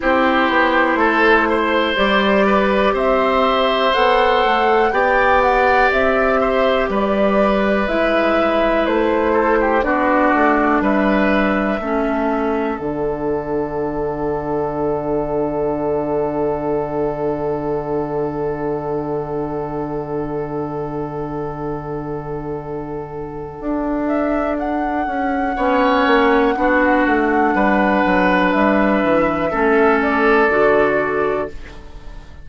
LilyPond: <<
  \new Staff \with { instrumentName = "flute" } { \time 4/4 \tempo 4 = 61 c''2 d''4 e''4 | fis''4 g''8 fis''8 e''4 d''4 | e''4 c''4 d''4 e''4~ | e''4 fis''2.~ |
fis''1~ | fis''1~ | fis''8 e''8 fis''2.~ | fis''4 e''4. d''4. | }
  \new Staff \with { instrumentName = "oboe" } { \time 4/4 g'4 a'8 c''4 b'8 c''4~ | c''4 d''4. c''8 b'4~ | b'4. a'16 g'16 fis'4 b'4 | a'1~ |
a'1~ | a'1~ | a'2 cis''4 fis'4 | b'2 a'2 | }
  \new Staff \with { instrumentName = "clarinet" } { \time 4/4 e'2 g'2 | a'4 g'2. | e'2 d'2 | cis'4 d'2.~ |
d'1~ | d'1~ | d'2 cis'4 d'4~ | d'2 cis'4 fis'4 | }
  \new Staff \with { instrumentName = "bassoon" } { \time 4/4 c'8 b8 a4 g4 c'4 | b8 a8 b4 c'4 g4 | gis4 a4 b8 a8 g4 | a4 d2.~ |
d1~ | d1 | d'4. cis'8 b8 ais8 b8 a8 | g8 fis8 g8 e8 a4 d4 | }
>>